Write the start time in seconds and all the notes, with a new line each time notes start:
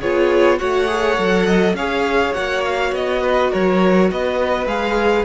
0.00 B3 F4 G#4 C#5
0.59 A3 F#4 C#5 F#5
0.87 G#4
1.18 F#3 A4
1.46 D#5
1.73 C#4 G#4 C#5 F5
2.34 A#3 F#4 F#5
2.65 F5
2.92 B3 D#5
3.22 B4
3.51 F#3 A#4 C#5
4.11 B3 B4 D#5
4.66 G#3 G#4 F5